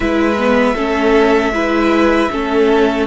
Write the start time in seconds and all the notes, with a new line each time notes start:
0.00 G#3 E4 B4 E5
0.37 B3
0.74 A3 C#4 A4
1.51 G#3 E4 B4
2.31 A3 C#4 A4